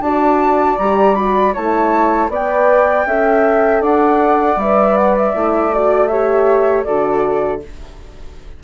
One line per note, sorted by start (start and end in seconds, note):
0.00 0.76 D4
0.00 0.80 F#4
0.00 1.53 D5
0.00 0.77 A5
0.78 1.54 G3
0.78 1.16 G4
0.78 1.14 A#5
1.14 1.54 F#4
1.14 1.52 B5
1.53 2.29 A3
1.53 2.30 E4
1.53 2.29 C#5
1.53 2.31 A5
2.29 3.05 B3
2.29 3.06 B4
2.29 3.06 D5
2.29 3.83 G5
3.06 3.81 C#4
3.06 4.59 A4
3.06 3.81 E5
3.81 4.56 D4
3.81 6.09 D5
3.81 4.59 F#5
4.56 5.32 G3
4.56 5.34 B4
4.56 4.97 E5
4.97 5.16 F#5
5.17 5.74 E5
5.34 6.87 A3
5.34 5.72 E4
5.73 6.10 F#4
5.73 6.07 D5
6.07 6.86 G4
6.07 6.86 C#5
6.07 6.83 E5
6.84 7.63 D3
6.84 7.62 F#4
6.84 7.62 A4
6.84 7.60 D5